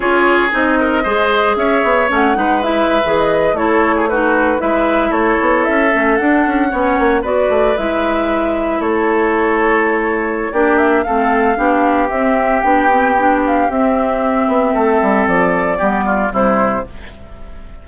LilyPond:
<<
  \new Staff \with { instrumentName = "flute" } { \time 4/4 \tempo 4 = 114 cis''4 dis''2 e''4 | fis''4 e''4 dis''8. cis''4 b'16~ | b'8. e''4 cis''4 e''4 fis''16~ | fis''4.~ fis''16 d''4 e''4~ e''16~ |
e''8. cis''2.~ cis''16 | d''8 e''8 f''2 e''4 | g''4. f''8 e''2~ | e''4 d''2 c''4 | }
  \new Staff \with { instrumentName = "oboe" } { \time 4/4 gis'4. ais'8 c''4 cis''4~ | cis''8 b'2~ b'16 a'8. gis'16 fis'16~ | fis'8. b'4 a'2~ a'16~ | a'8. cis''4 b'2~ b'16~ |
b'8. a'2.~ a'16 | g'4 a'4 g'2~ | g'1 | a'2 g'8 f'8 e'4 | }
  \new Staff \with { instrumentName = "clarinet" } { \time 4/4 f'4 dis'4 gis'2 | cis'8 dis'8 e'8. gis'4 e'4 dis'16~ | dis'8. e'2~ e'8 cis'8 d'16~ | d'8. cis'4 fis'4 e'4~ e'16~ |
e'1 | d'4 c'4 d'4 c'4 | d'8 c'8 d'4 c'2~ | c'2 b4 g4 | }
  \new Staff \with { instrumentName = "bassoon" } { \time 4/4 cis'4 c'4 gis4 cis'8 b8 | a8 gis4~ gis16 e4 a4~ a16~ | a8. gis4 a8 b8 cis'8 a8 d'16~ | d'16 cis'8 b8 ais8 b8 a8 gis4~ gis16~ |
gis8. a2.~ a16 | ais4 a4 b4 c'4 | b2 c'4. b8 | a8 g8 f4 g4 c4 | }
>>